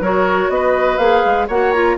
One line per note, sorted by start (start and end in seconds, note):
0.00 0.49 F#3
0.00 0.99 F#4
0.00 0.50 A#4
0.00 0.50 C#5
0.49 0.98 B3
0.49 1.47 B4
0.49 0.98 D#5
0.98 1.23 A#3
0.98 1.48 G#4
0.98 1.46 F5
1.25 1.48 G#3
1.47 1.97 A#3
1.47 1.74 F#4
1.47 1.96 C#5
1.47 1.72 F#5
1.72 1.98 F4
1.72 1.96 A#5